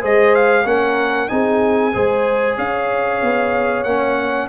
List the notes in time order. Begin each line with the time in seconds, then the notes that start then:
0.00 G#3 G#4 C5 D#5
0.34 F5
0.64 A#3 C#4 A#4 F#5
1.28 C4 D#4 G#4 G#5
1.93 G#3 G#4 C5
2.57 C#4 C#5 F5
3.22 B3
3.83 A#3 C#4 F#5